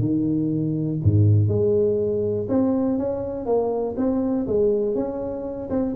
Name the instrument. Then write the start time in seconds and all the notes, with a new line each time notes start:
tuba
0.00 D#3
1.04 G#2
1.48 G#3
2.49 C4
2.98 C#4
3.46 A#3
3.97 C4
4.47 G#3
4.95 C#4
5.70 C4